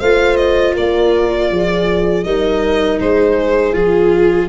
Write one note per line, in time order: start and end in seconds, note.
0.00 0.76 A3
0.00 2.25 F4
0.00 0.74 C5
0.00 0.37 F5
0.37 0.74 D#5
0.74 1.51 A#3
0.74 1.49 A#4
0.74 2.24 D5
1.51 2.25 F3
1.51 2.26 G#4
2.24 3.00 G3
2.24 3.73 D#4
2.24 3.01 A#4
2.24 2.99 D#5
3.00 3.75 G#3
3.00 4.50 G#4
3.00 3.75 C5
3.73 4.50 F3
3.73 4.48 F4
3.73 4.50 G#4